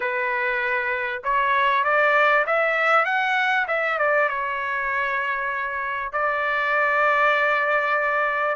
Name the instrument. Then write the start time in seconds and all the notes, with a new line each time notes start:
trumpet
0.00 B4
1.23 C#5
1.84 D5
2.46 E5
3.05 F#5
3.67 E5
3.98 D5
4.29 C#5
6.12 D5